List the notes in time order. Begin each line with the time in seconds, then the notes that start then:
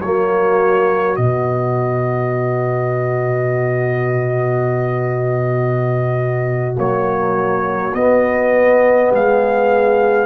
0.00 F#3 A#3 F#4 C#5
1.16 B2 B3 D#5
6.77 F#3 A#3 C#5
7.93 B3 D#5
9.11 G#3 G#4 F5